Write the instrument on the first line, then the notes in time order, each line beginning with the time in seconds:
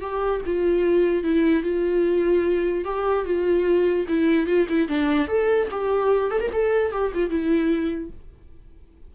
viola
0.00 G4
0.45 F4
1.23 E4
1.63 F4
2.84 G4
3.25 F4
4.08 E4
4.46 F4
4.68 E4
4.88 D4
5.27 A4
5.71 G4
6.31 A4
6.40 A#4
6.52 A4
6.92 G4
7.14 F4
7.29 E4